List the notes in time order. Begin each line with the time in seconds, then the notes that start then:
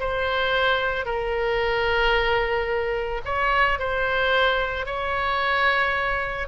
0.00 C5
1.06 A#4
3.25 C#5
3.79 C5
4.86 C#5